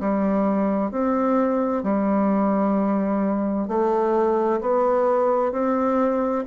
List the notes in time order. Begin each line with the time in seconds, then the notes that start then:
0.00 G3
0.91 C4
1.83 G3
3.68 A3
4.61 B3
5.52 C4